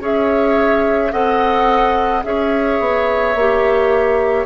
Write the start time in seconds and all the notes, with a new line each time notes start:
0.00 C#4 G#4 C#5 E5
1.11 C4 A4 D#5 F#5
2.23 C#4 G#4 C#5 E5
2.79 B3
3.35 A#3 G4